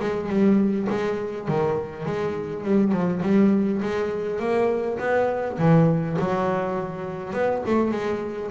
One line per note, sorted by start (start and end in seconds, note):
0.00 0.29 G#3
0.29 0.88 G3
0.90 1.48 G#3
1.48 2.06 D#3
2.06 2.64 G#3
2.64 2.92 G3
2.92 3.22 F3
3.23 3.82 G3
3.82 4.40 G#3
4.40 4.99 A#3
4.99 5.58 B3
5.59 6.17 E3
6.19 7.33 F#3
7.33 7.63 B3
7.67 7.91 A3
7.91 8.50 G#3